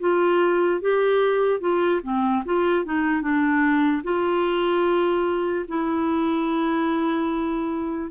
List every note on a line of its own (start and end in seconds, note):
0.00 0.81 F4
0.81 1.60 G4
1.60 2.01 F4
2.03 2.44 C4
2.45 2.85 F4
2.85 3.22 D#4
3.22 4.03 D4
4.03 5.65 F4
5.68 8.10 E4